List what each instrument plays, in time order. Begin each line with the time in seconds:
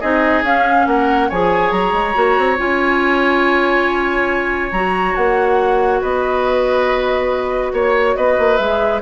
0.00 bassoon C4, clarinet D#4, oboe G#4, flute D#5
0.42 bassoon C#4, clarinet C#4, flute F5
0.86 bassoon A#3, oboe A#4, flute F#5
1.29 bassoon F3, clarinet G#4, oboe C#5, flute G#5
1.71 bassoon F#3, flute A#5
1.92 bassoon G#3
2.13 bassoon A#3, clarinet F#4
2.37 bassoon C4
2.57 bassoon C#4, clarinet F4, flute G#5
4.71 bassoon F#3, clarinet F#4, flute A#5
5.15 bassoon A#3, flute F#5
6.01 bassoon B3, oboe B4, flute D#5
7.72 bassoon A#3, oboe C#5, flute C#5
8.16 bassoon B3, oboe B4, flute D#5
8.38 bassoon A#3
8.57 bassoon G#3, clarinet G#4, flute E5